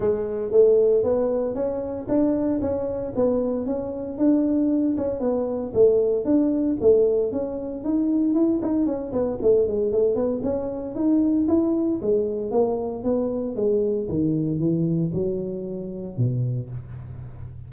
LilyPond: \new Staff \with { instrumentName = "tuba" } { \time 4/4 \tempo 4 = 115 gis4 a4 b4 cis'4 | d'4 cis'4 b4 cis'4 | d'4. cis'8 b4 a4 | d'4 a4 cis'4 dis'4 |
e'8 dis'8 cis'8 b8 a8 gis8 a8 b8 | cis'4 dis'4 e'4 gis4 | ais4 b4 gis4 dis4 | e4 fis2 b,4 | }